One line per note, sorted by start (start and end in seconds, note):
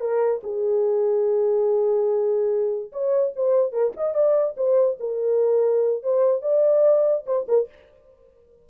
0.00 0.41 A#4
0.43 2.92 G#4
2.92 3.33 C#5
3.36 3.72 C5
3.72 3.93 A#4
3.97 4.14 D#5
4.14 4.56 D5
4.57 4.98 C5
5.00 6.03 A#4
6.03 6.42 C5
6.42 7.25 D5
7.26 7.47 C5
7.48 7.69 A#4